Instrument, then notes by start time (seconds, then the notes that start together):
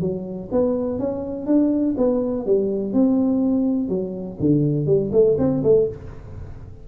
tuba
0.00 F#3
0.51 B3
0.99 C#4
1.46 D4
1.97 B3
2.46 G3
2.93 C4
3.89 F#3
4.40 D3
4.86 G3
5.12 A3
5.38 C4
5.63 A3